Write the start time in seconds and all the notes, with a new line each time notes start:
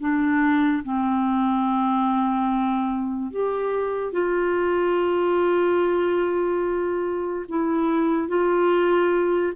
0.00 D4
0.84 C4
3.31 G4
4.12 F4
7.48 E4
8.28 F4